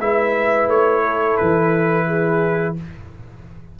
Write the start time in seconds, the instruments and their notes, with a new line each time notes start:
0.00 tuba G#3, trombone E4, horn B4, trumpet E5
0.68 tuba A3, trumpet C#5
1.04 horn A4
1.37 tuba E3, trumpet B4
2.07 horn G#4